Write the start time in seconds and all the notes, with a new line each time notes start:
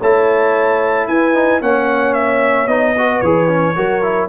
0.00 A3 E4 C#5 A5
1.08 E4 B4 G#5
1.34 D#4
1.61 A#3 C#4 C#5 F#5
2.14 E5
2.67 B3 D#4 D#5
2.98 F#4 B4
3.21 E3 G#4 C#5
3.48 C#4
3.76 F#3 F#4 A#4
4.02 E4